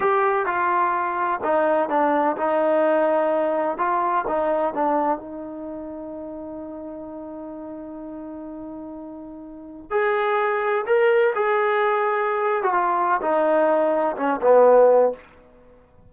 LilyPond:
\new Staff \with { instrumentName = "trombone" } { \time 4/4 \tempo 4 = 127 g'4 f'2 dis'4 | d'4 dis'2. | f'4 dis'4 d'4 dis'4~ | dis'1~ |
dis'1~ | dis'4 gis'2 ais'4 | gis'2~ gis'8. fis'16 f'4 | dis'2 cis'8 b4. | }